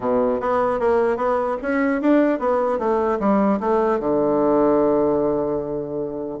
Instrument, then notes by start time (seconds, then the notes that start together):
bassoon
0.00 B2
0.40 B3
0.79 A#3
1.17 B3
1.62 C#4
2.01 D4
2.39 B3
2.78 A3
3.19 G3
3.59 A3
3.99 D3